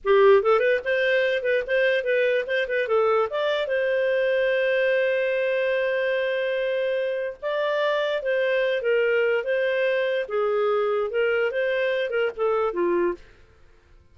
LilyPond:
\new Staff \with { instrumentName = "clarinet" } { \time 4/4 \tempo 4 = 146 g'4 a'8 b'8 c''4. b'8 | c''4 b'4 c''8 b'8 a'4 | d''4 c''2.~ | c''1~ |
c''2 d''2 | c''4. ais'4. c''4~ | c''4 gis'2 ais'4 | c''4. ais'8 a'4 f'4 | }